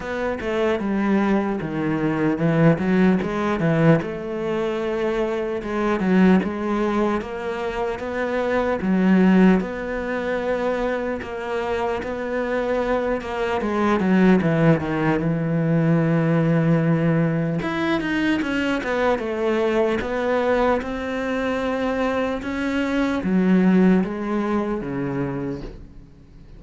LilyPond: \new Staff \with { instrumentName = "cello" } { \time 4/4 \tempo 4 = 75 b8 a8 g4 dis4 e8 fis8 | gis8 e8 a2 gis8 fis8 | gis4 ais4 b4 fis4 | b2 ais4 b4~ |
b8 ais8 gis8 fis8 e8 dis8 e4~ | e2 e'8 dis'8 cis'8 b8 | a4 b4 c'2 | cis'4 fis4 gis4 cis4 | }